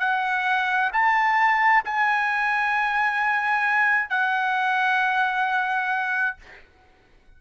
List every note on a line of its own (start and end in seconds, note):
0.00 0.91 F#5
0.93 1.83 A5
1.85 4.10 G#5
4.10 6.37 F#5